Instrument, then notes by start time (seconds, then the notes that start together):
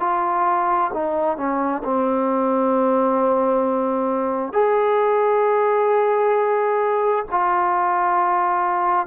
trombone
0.00 F4
0.94 D#4
1.37 C#4
1.84 C4
4.53 G#4
7.31 F4